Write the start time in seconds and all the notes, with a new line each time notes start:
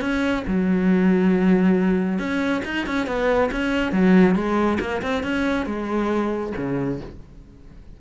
0.00 C#4
0.47 F#3
2.18 C#4
2.64 D#4
2.86 C#4
3.06 B3
3.51 C#4
3.92 F#3
4.35 G#3
4.80 A#3
5.02 C4
5.23 C#4
5.66 G#3
6.57 C#3